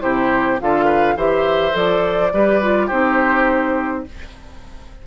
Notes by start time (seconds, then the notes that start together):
0.00 C3 E4 G4 C5
0.60 D3 F4 A4 F5
0.85 B4
1.15 E3 G4 C5 E5
1.71 F3 A4 D5
2.32 G3 G4 B4
2.61 F4
2.86 C4 D#4 G4 C5